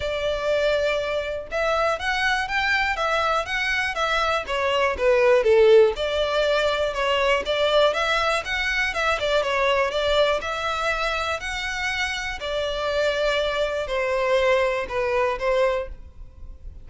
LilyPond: \new Staff \with { instrumentName = "violin" } { \time 4/4 \tempo 4 = 121 d''2. e''4 | fis''4 g''4 e''4 fis''4 | e''4 cis''4 b'4 a'4 | d''2 cis''4 d''4 |
e''4 fis''4 e''8 d''8 cis''4 | d''4 e''2 fis''4~ | fis''4 d''2. | c''2 b'4 c''4 | }